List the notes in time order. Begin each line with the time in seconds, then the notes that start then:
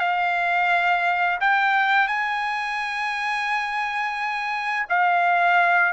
0.00 F5
1.40 G5
2.08 G#5
4.89 F5